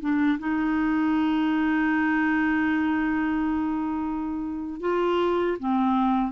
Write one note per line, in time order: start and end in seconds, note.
0.00 0.38 D4
0.38 4.80 D#4
4.80 5.57 F4
5.59 6.31 C4